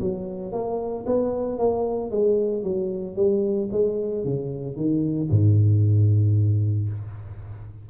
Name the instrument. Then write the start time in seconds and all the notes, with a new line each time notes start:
tuba
0.00 F#3
0.52 A#3
1.06 B3
1.58 A#3
2.11 G#3
2.63 F#3
3.16 G3
3.72 G#3
4.24 C#3
4.76 D#3
5.30 G#2